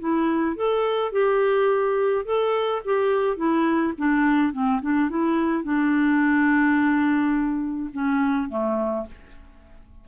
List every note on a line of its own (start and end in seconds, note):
0.00 0.57 E4
0.57 1.12 A4
1.12 2.26 G4
2.26 2.82 A4
2.85 3.37 G4
3.37 3.94 E4
3.98 4.53 D4
4.53 4.81 C4
4.82 5.10 D4
5.10 5.64 E4
5.64 7.90 D4
7.93 8.50 C#4
8.50 9.06 A3